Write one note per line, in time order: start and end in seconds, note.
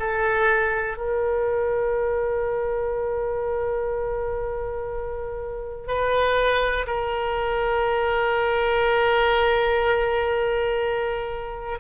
0.00 0.98 A4
0.98 5.88 A#4
5.88 6.86 B4
6.87 11.79 A#4